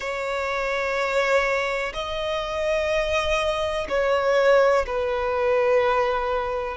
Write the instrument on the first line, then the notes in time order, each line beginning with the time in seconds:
violin
0.00 C#5
1.94 D#5
3.88 C#5
4.86 B4